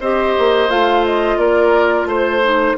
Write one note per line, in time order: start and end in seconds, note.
0.00 0.35 C4
0.00 0.69 G4
0.00 1.38 C5
0.00 0.70 D#5
0.38 0.70 A#3
0.69 1.37 A3
0.69 2.42 F4
0.69 1.05 F5
1.05 1.38 D#5
1.37 2.05 A#3
1.37 2.08 A#4
1.37 2.07 D5
2.05 2.74 A3
2.05 2.77 C5
2.05 2.78 C5
2.43 2.77 D#4